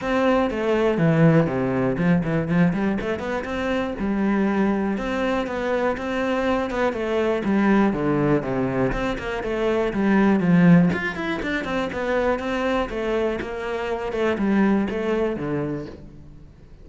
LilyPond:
\new Staff \with { instrumentName = "cello" } { \time 4/4 \tempo 4 = 121 c'4 a4 e4 c4 | f8 e8 f8 g8 a8 b8 c'4 | g2 c'4 b4 | c'4. b8 a4 g4 |
d4 c4 c'8 ais8 a4 | g4 f4 f'8 e'8 d'8 c'8 | b4 c'4 a4 ais4~ | ais8 a8 g4 a4 d4 | }